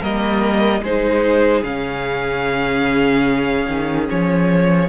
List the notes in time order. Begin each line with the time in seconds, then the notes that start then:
0.00 G3 A#3 A#4 D#5
0.82 G#3 D#4 G#4 C5
1.63 C#3 C#4 F5
3.68 D#3
4.10 F3 C#5